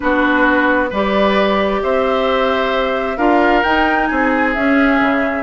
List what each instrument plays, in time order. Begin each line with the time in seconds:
0.00 bassoon B3, clarinet D4, oboe F#4, flute B4
0.90 bassoon G3, clarinet G4, oboe B4, flute D5
1.82 bassoon C4, oboe C5, flute E5
3.17 bassoon D4, clarinet F4, oboe A#4, flute F5
3.62 bassoon D#4, clarinet D#4, flute G5
4.06 bassoon C4, oboe G#4, flute G#5
4.53 bassoon C#4, clarinet C#4, flute E5
5.00 bassoon C#3